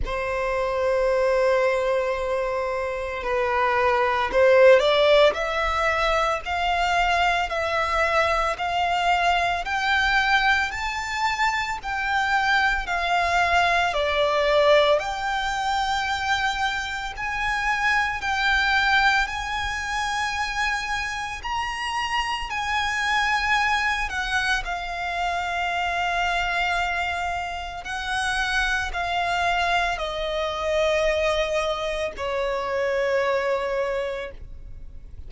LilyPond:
\new Staff \with { instrumentName = "violin" } { \time 4/4 \tempo 4 = 56 c''2. b'4 | c''8 d''8 e''4 f''4 e''4 | f''4 g''4 a''4 g''4 | f''4 d''4 g''2 |
gis''4 g''4 gis''2 | ais''4 gis''4. fis''8 f''4~ | f''2 fis''4 f''4 | dis''2 cis''2 | }